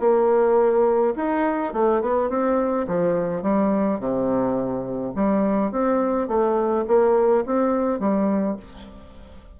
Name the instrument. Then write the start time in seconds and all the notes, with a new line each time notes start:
bassoon
0.00 A#3
1.16 D#4
1.73 A3
2.02 B3
2.30 C4
2.88 F3
3.42 G3
3.99 C3
5.15 G3
5.71 C4
6.28 A3
6.88 A#3
7.46 C4
8.00 G3